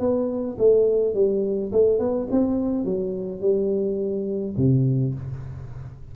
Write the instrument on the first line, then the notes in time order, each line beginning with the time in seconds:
tuba
0.00 B3
0.58 A3
1.14 G3
1.72 A3
1.99 B3
2.31 C4
2.84 F#3
3.41 G3
4.57 C3